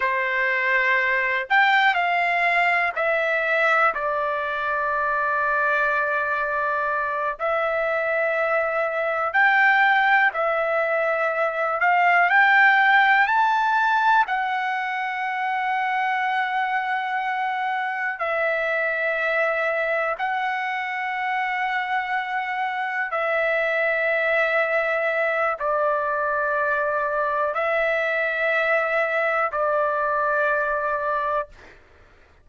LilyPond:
\new Staff \with { instrumentName = "trumpet" } { \time 4/4 \tempo 4 = 61 c''4. g''8 f''4 e''4 | d''2.~ d''8 e''8~ | e''4. g''4 e''4. | f''8 g''4 a''4 fis''4.~ |
fis''2~ fis''8 e''4.~ | e''8 fis''2. e''8~ | e''2 d''2 | e''2 d''2 | }